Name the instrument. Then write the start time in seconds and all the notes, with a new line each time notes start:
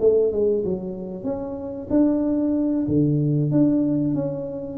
tuba
0.00 A3
0.32 G#3
0.64 F#3
1.24 C#4
1.90 D4
2.88 D3
3.51 D4
4.14 C#4